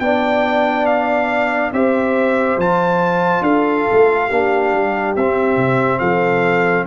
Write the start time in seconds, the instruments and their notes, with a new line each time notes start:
0.00 tuba B3, trombone D4, horn D5, trumpet G5
0.86 trumpet F5
1.72 tuba C4, trombone G4, horn C5, trumpet E5
2.57 tuba F3, trombone F4, trumpet A5
3.41 tuba D4, horn A4, trumpet F5
3.92 tuba A3
4.27 tuba A#3, trombone D4, horn G4
4.73 tuba G3
5.16 tuba C4, trombone C4, trumpet E5
5.57 tuba C3
6.00 tuba F3, horn A4, trumpet F5